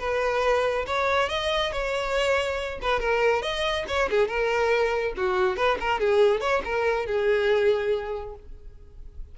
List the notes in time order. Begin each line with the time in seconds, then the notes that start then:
0.00 B4
0.87 C#5
1.30 D#5
1.73 C#5
2.82 B4
3.00 A#4
3.42 D#5
3.88 C#5
4.11 G#4
4.28 A#4
5.17 F#4
5.57 B4
5.81 A#4
6.00 G#4
6.41 C#5
6.65 A#4
7.07 G#4